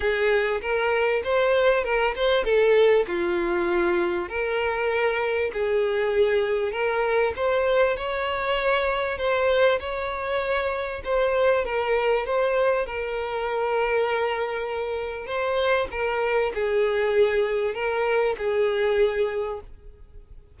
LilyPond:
\new Staff \with { instrumentName = "violin" } { \time 4/4 \tempo 4 = 98 gis'4 ais'4 c''4 ais'8 c''8 | a'4 f'2 ais'4~ | ais'4 gis'2 ais'4 | c''4 cis''2 c''4 |
cis''2 c''4 ais'4 | c''4 ais'2.~ | ais'4 c''4 ais'4 gis'4~ | gis'4 ais'4 gis'2 | }